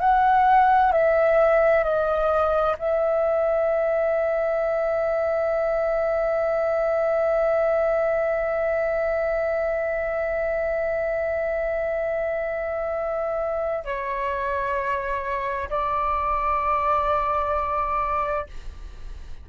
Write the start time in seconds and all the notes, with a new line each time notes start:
0.00 F#5
0.92 E5
1.84 D#5
2.78 E5
13.85 C#5
15.70 D5